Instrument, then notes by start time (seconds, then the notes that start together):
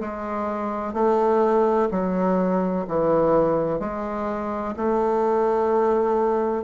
bassoon
0.00 G#3
0.93 A3
1.90 F#3
2.87 E3
3.79 G#3
4.76 A3